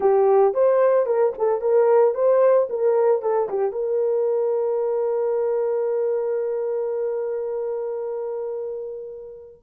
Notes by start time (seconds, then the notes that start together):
0.00 G4
0.54 C5
1.06 A#4
1.38 A4
1.61 A#4
2.14 C5
2.69 A#4
3.21 A4
3.49 G4
3.72 A#4